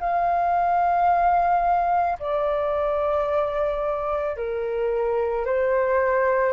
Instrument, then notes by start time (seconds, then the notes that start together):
flute
0.00 F5
2.19 D5
4.36 A#4
5.45 C5